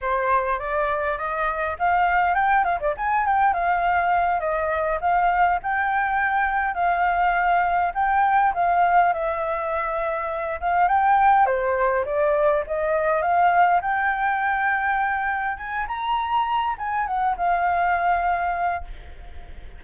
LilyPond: \new Staff \with { instrumentName = "flute" } { \time 4/4 \tempo 4 = 102 c''4 d''4 dis''4 f''4 | g''8 f''16 d''16 gis''8 g''8 f''4. dis''8~ | dis''8 f''4 g''2 f''8~ | f''4. g''4 f''4 e''8~ |
e''2 f''8 g''4 c''8~ | c''8 d''4 dis''4 f''4 g''8~ | g''2~ g''8 gis''8 ais''4~ | ais''8 gis''8 fis''8 f''2~ f''8 | }